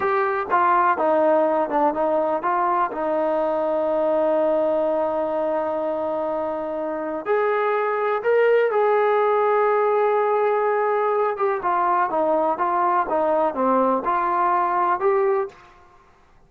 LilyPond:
\new Staff \with { instrumentName = "trombone" } { \time 4/4 \tempo 4 = 124 g'4 f'4 dis'4. d'8 | dis'4 f'4 dis'2~ | dis'1~ | dis'2. gis'4~ |
gis'4 ais'4 gis'2~ | gis'2.~ gis'8 g'8 | f'4 dis'4 f'4 dis'4 | c'4 f'2 g'4 | }